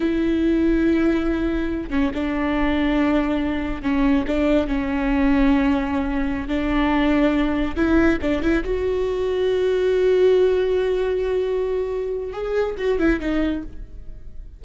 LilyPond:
\new Staff \with { instrumentName = "viola" } { \time 4/4 \tempo 4 = 141 e'1~ | e'8 cis'8 d'2.~ | d'4 cis'4 d'4 cis'4~ | cis'2.~ cis'16 d'8.~ |
d'2~ d'16 e'4 d'8 e'16~ | e'16 fis'2.~ fis'8.~ | fis'1~ | fis'4 gis'4 fis'8 e'8 dis'4 | }